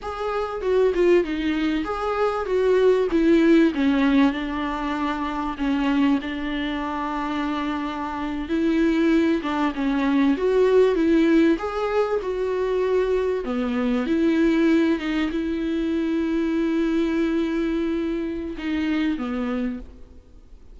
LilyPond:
\new Staff \with { instrumentName = "viola" } { \time 4/4 \tempo 4 = 97 gis'4 fis'8 f'8 dis'4 gis'4 | fis'4 e'4 cis'4 d'4~ | d'4 cis'4 d'2~ | d'4.~ d'16 e'4. d'8 cis'16~ |
cis'8. fis'4 e'4 gis'4 fis'16~ | fis'4.~ fis'16 b4 e'4~ e'16~ | e'16 dis'8 e'2.~ e'16~ | e'2 dis'4 b4 | }